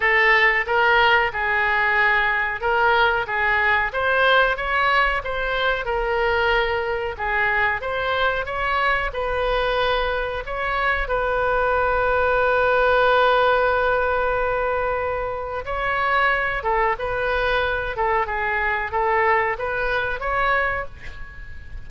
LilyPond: \new Staff \with { instrumentName = "oboe" } { \time 4/4 \tempo 4 = 92 a'4 ais'4 gis'2 | ais'4 gis'4 c''4 cis''4 | c''4 ais'2 gis'4 | c''4 cis''4 b'2 |
cis''4 b'2.~ | b'1 | cis''4. a'8 b'4. a'8 | gis'4 a'4 b'4 cis''4 | }